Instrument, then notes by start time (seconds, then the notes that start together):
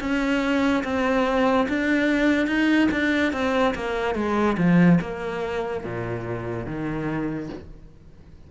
cello
0.00 C#4
0.84 C4
1.69 D4
2.47 D#4
2.92 D4
3.33 C4
3.75 A#3
4.15 G#3
4.58 F3
5.01 A#3
5.84 A#2
6.66 D#3